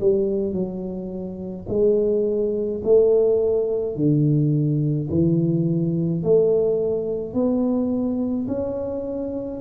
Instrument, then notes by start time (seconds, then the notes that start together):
tuba
0.00 G3
0.53 F#3
1.69 G#3
2.84 A3
3.96 D3
5.10 E3
6.23 A3
7.34 B3
8.48 C#4